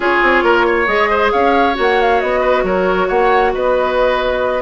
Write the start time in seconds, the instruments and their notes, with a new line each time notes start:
0.00 bassoon C#4, clarinet F4, oboe G#4, flute C#5
0.22 bassoon C4
0.43 bassoon A#3, oboe A#4
0.66 oboe C#5
0.86 bassoon G#3, clarinet G#4, flute D#5
1.09 oboe C5
1.31 bassoon C#4, oboe C#5, flute F5
1.74 bassoon A#3, clarinet F#4
1.81 flute F#5
2.01 flute F5
2.20 bassoon B3, flute D#5
2.40 oboe B4
2.63 bassoon F#3, oboe A#4, flute C#5
3.08 bassoon A#3, oboe C#5, flute F#5
3.53 bassoon B3, oboe B4, flute D#5